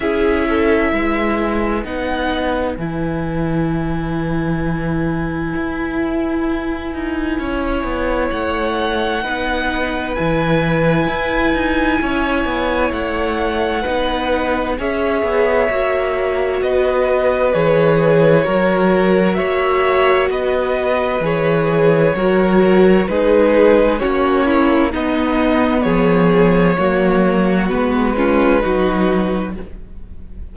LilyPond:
<<
  \new Staff \with { instrumentName = "violin" } { \time 4/4 \tempo 4 = 65 e''2 fis''4 gis''4~ | gis''1~ | gis''4 fis''2 gis''4~ | gis''2 fis''2 |
e''2 dis''4 cis''4~ | cis''4 e''4 dis''4 cis''4~ | cis''4 b'4 cis''4 dis''4 | cis''2 b'2 | }
  \new Staff \with { instrumentName = "violin" } { \time 4/4 gis'8 a'8 b'2.~ | b'1 | cis''2 b'2~ | b'4 cis''2 b'4 |
cis''2 b'2 | ais'4 cis''4 b'2 | ais'4 gis'4 fis'8 e'8 dis'4 | gis'4 fis'4. f'8 fis'4 | }
  \new Staff \with { instrumentName = "viola" } { \time 4/4 e'2 dis'4 e'4~ | e'1~ | e'2 dis'4 e'4~ | e'2. dis'4 |
gis'4 fis'2 gis'4 | fis'2. gis'4 | fis'4 dis'4 cis'4 b4~ | b4 ais4 b8 cis'8 dis'4 | }
  \new Staff \with { instrumentName = "cello" } { \time 4/4 cis'4 gis4 b4 e4~ | e2 e'4. dis'8 | cis'8 b8 a4 b4 e4 | e'8 dis'8 cis'8 b8 a4 b4 |
cis'8 b8 ais4 b4 e4 | fis4 ais4 b4 e4 | fis4 gis4 ais4 b4 | f4 fis4 gis4 fis4 | }
>>